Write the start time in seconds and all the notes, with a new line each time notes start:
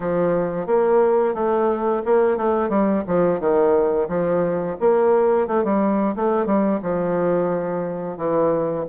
0.00 F3
0.66 A#3
1.34 A3
2.05 A#3
2.37 A3
2.69 G3
3.07 F3
3.39 D#3
4.08 F3
4.79 A#3
5.47 A3
5.63 G3
6.15 A3
6.46 G3
6.82 F3
8.17 E3